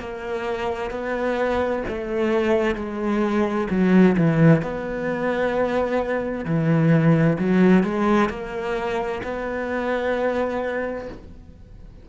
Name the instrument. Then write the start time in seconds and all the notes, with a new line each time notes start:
cello
0.00 A#3
0.91 B3
1.88 A3
2.75 G#3
3.70 F#3
4.17 E3
4.62 B3
6.45 E3
7.39 F#3
7.83 G#3
8.30 A#3
9.23 B3